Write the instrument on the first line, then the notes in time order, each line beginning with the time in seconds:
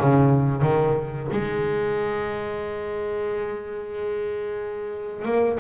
double bass
0.00 C#3
0.62 D#3
1.32 G#3
5.25 A#3